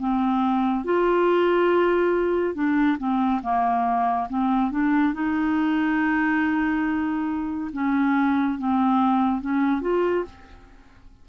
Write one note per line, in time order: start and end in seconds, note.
0.00 0.85 C4
0.85 2.55 F4
2.55 2.98 D4
2.99 3.42 C4
3.42 4.28 A#3
4.30 4.71 C4
4.71 5.14 D4
5.14 7.71 D#4
7.73 8.58 C#4
8.59 9.41 C4
9.41 9.81 C#4
9.81 10.24 F4